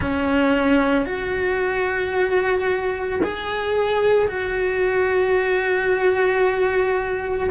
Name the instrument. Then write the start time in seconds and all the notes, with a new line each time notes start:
cello
0.00 C#4
1.05 F#4
3.23 G#4
4.28 F#4